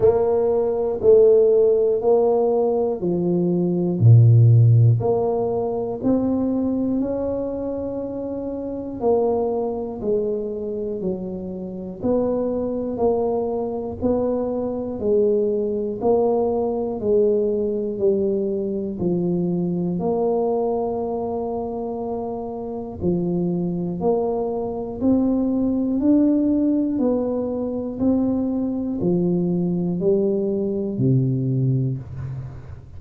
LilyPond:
\new Staff \with { instrumentName = "tuba" } { \time 4/4 \tempo 4 = 60 ais4 a4 ais4 f4 | ais,4 ais4 c'4 cis'4~ | cis'4 ais4 gis4 fis4 | b4 ais4 b4 gis4 |
ais4 gis4 g4 f4 | ais2. f4 | ais4 c'4 d'4 b4 | c'4 f4 g4 c4 | }